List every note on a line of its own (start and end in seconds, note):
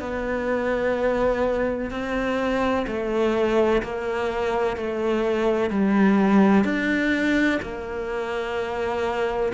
0.00 1.90 B3
1.90 2.86 C4
2.87 3.82 A3
3.83 4.77 A#3
4.77 5.70 A3
5.70 6.65 G3
6.65 7.60 D4
7.62 9.53 A#3